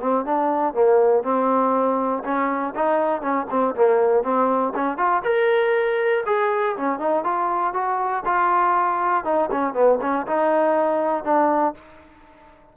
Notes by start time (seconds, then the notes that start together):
0.00 C4
0.25 D4
0.74 A#3
1.23 C4
2.24 C#4
2.75 D#4
3.21 C#4
3.50 C4
3.75 A#3
4.23 C4
4.74 C#4
4.97 F4
5.24 A#4
6.26 G#4
6.76 C#4
6.99 D#4
7.24 F4
7.73 F#4
8.25 F4
9.24 D#4
9.51 C#4
9.73 B3
10.01 C#4
10.27 D#4
11.24 D4